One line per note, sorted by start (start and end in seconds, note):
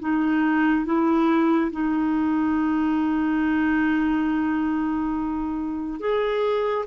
0.00 0.85 D#4
0.85 1.71 E4
1.71 6.00 D#4
6.00 6.86 G#4